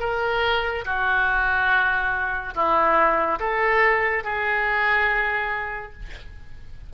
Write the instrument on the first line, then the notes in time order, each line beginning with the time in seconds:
oboe
0.00 A#4
0.85 F#4
2.55 E4
3.40 A4
4.24 G#4